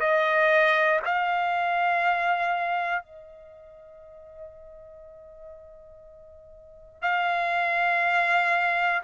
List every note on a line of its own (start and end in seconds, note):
0.00 1.00 D#5
1.05 3.03 F5
3.03 7.02 D#5
7.02 9.02 F5